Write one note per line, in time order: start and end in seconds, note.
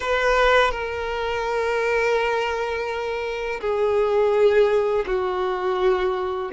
0.00 0.71 B4
0.71 3.60 A#4
3.60 5.05 G#4
5.06 6.51 F#4